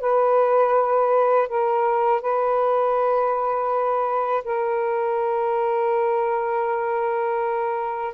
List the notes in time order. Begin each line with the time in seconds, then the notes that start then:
0.00 B4
1.48 A#4
2.22 B4
4.44 A#4